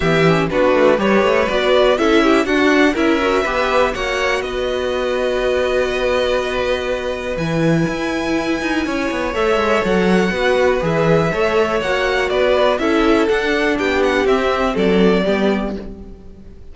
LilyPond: <<
  \new Staff \with { instrumentName = "violin" } { \time 4/4 \tempo 4 = 122 e''4 b'4 cis''4 d''4 | e''4 fis''4 e''2 | fis''4 dis''2.~ | dis''2. gis''4~ |
gis''2. e''4 | fis''2 e''2 | fis''4 d''4 e''4 fis''4 | g''8 fis''8 e''4 d''2 | }
  \new Staff \with { instrumentName = "violin" } { \time 4/4 g'4 fis'4 b'2 | a'8 g'8 fis'4 ais'4 b'4 | cis''4 b'2.~ | b'1~ |
b'2 cis''2~ | cis''4 b'2 cis''4~ | cis''4 b'4 a'2 | g'2 a'4 g'4 | }
  \new Staff \with { instrumentName = "viola" } { \time 4/4 b8 cis'8 d'4 g'4 fis'4 | e'4 d'4 e'8 fis'8 g'4 | fis'1~ | fis'2. e'4~ |
e'2. a'4~ | a'4 fis'4 gis'4 a'4 | fis'2 e'4 d'4~ | d'4 c'2 b4 | }
  \new Staff \with { instrumentName = "cello" } { \time 4/4 e4 b8 a8 g8 a8 b4 | cis'4 d'4 cis'4 b4 | ais4 b2.~ | b2. e4 |
e'4. dis'8 cis'8 b8 a8 gis8 | fis4 b4 e4 a4 | ais4 b4 cis'4 d'4 | b4 c'4 fis4 g4 | }
>>